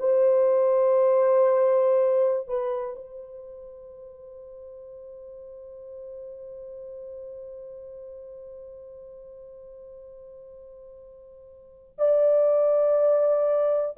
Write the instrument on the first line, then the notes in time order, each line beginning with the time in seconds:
horn
0.00 C5
2.48 B4
2.95 C5
11.98 D5